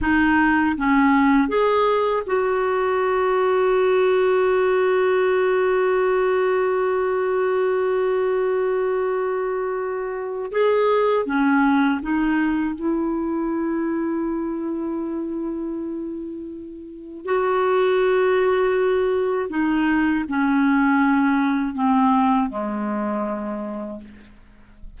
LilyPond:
\new Staff \with { instrumentName = "clarinet" } { \time 4/4 \tempo 4 = 80 dis'4 cis'4 gis'4 fis'4~ | fis'1~ | fis'1~ | fis'2 gis'4 cis'4 |
dis'4 e'2.~ | e'2. fis'4~ | fis'2 dis'4 cis'4~ | cis'4 c'4 gis2 | }